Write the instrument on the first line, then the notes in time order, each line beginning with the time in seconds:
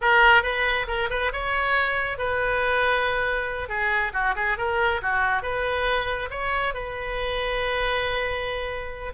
oboe
0.01 A#4
0.42 B4
0.87 A#4
1.10 B4
1.32 C#5
2.18 B4
3.68 G#4
4.13 F#4
4.35 G#4
4.57 A#4
5.02 F#4
5.42 B4
6.30 C#5
6.74 B4